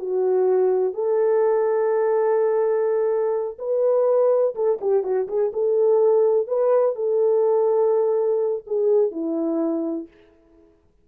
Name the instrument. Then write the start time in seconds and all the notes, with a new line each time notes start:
horn
0.00 F#4
0.94 A4
3.59 B4
4.55 A4
4.81 G4
5.04 F#4
5.28 G#4
5.53 A4
6.48 B4
6.96 A4
8.67 G#4
9.12 E4